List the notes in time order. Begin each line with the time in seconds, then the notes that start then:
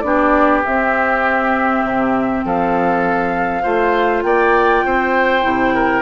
0.00 B3 D4 D5
0.06 G4
0.65 C4 E5
1.83 C3
2.45 F3 A4 F5
3.62 A3 F4 C5
4.23 A#3 D5 G5
4.85 C4 C5
5.42 C3 E4
5.74 A#4